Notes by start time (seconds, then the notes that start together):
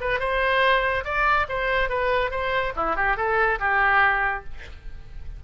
0.00 B4
0.19 C5
1.04 D5
1.48 C5
1.89 B4
2.30 C5
2.76 E4
2.96 G4
3.16 A4
3.59 G4